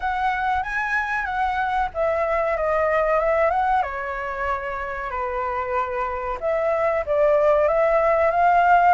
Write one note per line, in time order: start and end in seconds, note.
0.00 0.62 F#5
0.62 1.25 G#5
1.25 1.89 F#5
1.94 2.56 E5
2.56 3.19 D#5
3.19 3.50 E5
3.50 3.82 F#5
3.82 5.10 C#5
5.10 6.37 B4
6.40 7.04 E5
7.06 7.68 D5
7.68 8.31 E5
8.31 8.94 F5